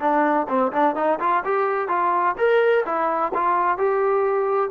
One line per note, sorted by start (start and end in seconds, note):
0.00 0.47 D4
0.48 0.72 C4
0.72 0.95 D4
0.95 1.19 D#4
1.20 1.43 F4
1.44 1.88 G4
1.88 2.35 F4
2.38 2.85 A#4
2.85 3.32 E4
3.34 3.78 F4
3.78 4.70 G4